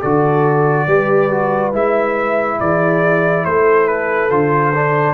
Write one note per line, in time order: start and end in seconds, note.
0.00 0.87 D3
0.00 0.88 F#4
0.00 0.86 A4
0.00 1.73 D5
0.87 1.73 G3
0.87 1.31 G4
0.87 2.59 B4
1.31 1.73 F#4
1.73 2.59 G#3
1.73 4.30 E4
1.73 2.60 E5
2.60 3.45 E3
2.60 3.45 G#4
2.60 3.45 D5
3.45 4.30 A3
3.45 5.14 A4
3.45 3.87 C5
3.87 4.30 B4
4.30 5.14 D3
4.30 4.73 F4
4.30 5.14 C5
4.74 5.14 D4